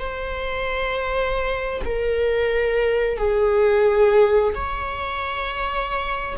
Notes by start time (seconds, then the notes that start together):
0.00 C5
1.86 A#4
3.18 G#4
4.55 C#5